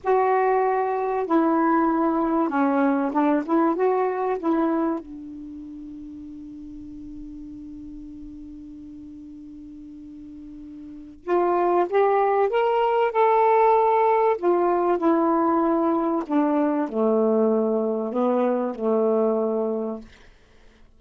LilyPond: \new Staff \with { instrumentName = "saxophone" } { \time 4/4 \tempo 4 = 96 fis'2 e'2 | cis'4 d'8 e'8 fis'4 e'4 | d'1~ | d'1~ |
d'2 f'4 g'4 | ais'4 a'2 f'4 | e'2 d'4 a4~ | a4 b4 a2 | }